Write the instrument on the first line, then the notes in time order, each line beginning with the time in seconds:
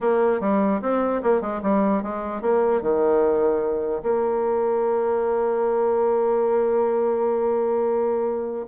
bassoon
0.00 A#3
0.40 G3
0.81 C4
1.22 A#3
1.41 G#3
1.62 G3
2.03 G#3
2.41 A#3
2.81 D#3
4.02 A#3